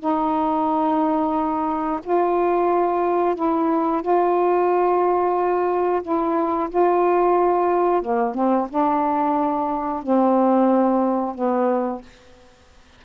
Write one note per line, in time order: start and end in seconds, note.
0.00 2.00 D#4
2.04 3.35 F4
3.35 4.02 E4
4.02 6.02 F4
6.02 6.69 E4
6.70 8.02 F4
8.02 8.35 A#3
8.35 8.68 C4
8.70 10.03 D4
10.03 11.35 C4
11.35 12.02 B3